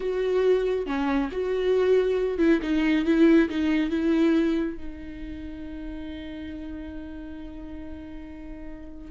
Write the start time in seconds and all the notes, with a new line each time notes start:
0.00 F#4
0.86 C#4
1.31 F#4
2.38 E4
2.61 D#4
3.05 E4
3.49 D#4
3.90 E4
4.76 D#4